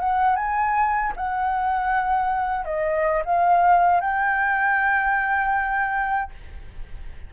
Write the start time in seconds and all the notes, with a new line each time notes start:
0.00 F#5
0.36 G#5
1.16 F#5
2.65 D#5
3.26 F5
4.01 G5